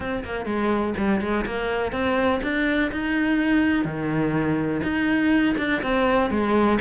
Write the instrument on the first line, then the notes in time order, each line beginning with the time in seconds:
cello
0.00 C4
0.24 A#3
0.45 G#3
0.97 G3
1.21 G#3
1.46 A#3
1.92 C4
2.43 D4
2.91 D#4
3.84 D#3
4.83 D#4
5.57 D4
5.82 C4
6.30 G#3